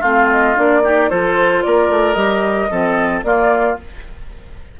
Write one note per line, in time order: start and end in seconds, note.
0.00 0.56 A3
0.00 0.55 C4
0.00 0.80 F4
0.00 0.29 F5
0.30 0.57 D#5
0.55 1.11 A#3
0.55 0.82 D4
0.55 1.09 D5
0.84 1.10 D#4
0.84 1.09 G4
1.09 1.64 F3
1.09 2.15 F4
1.09 1.63 A4
1.09 1.63 C5
1.63 1.89 A#3
1.63 2.71 A#4
1.63 2.14 D5
1.89 2.15 A3
2.14 2.69 G3
2.14 2.69 G4
2.14 3.21 D#5
2.70 3.23 F3
2.70 3.24 C4
2.70 3.24 A4
3.23 3.77 A#3
3.23 3.78 A#3
3.23 3.80 F4
3.23 3.77 D5